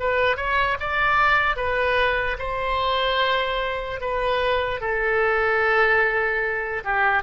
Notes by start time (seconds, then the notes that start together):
0.00 B4
0.37 C#5
0.80 D5
1.56 B4
2.39 C5
4.00 B4
4.81 A4
6.84 G4